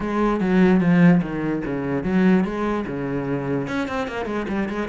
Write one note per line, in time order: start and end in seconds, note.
0.00 0.40 G#3
0.40 0.80 F#3
0.80 1.21 F3
1.22 1.63 D#3
1.65 2.03 C#3
2.03 2.44 F#3
2.44 2.85 G#3
2.87 3.67 C#3
3.67 3.88 C#4
3.88 4.07 C4
4.07 4.25 A#3
4.25 4.46 G#3
4.48 4.68 G3
4.68 4.88 G#3